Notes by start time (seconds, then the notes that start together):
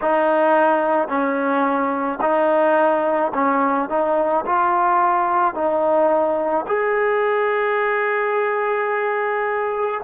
0.02 D#4
1.08 C#4
2.21 D#4
3.34 C#4
3.89 D#4
4.45 F4
5.54 D#4
6.67 G#4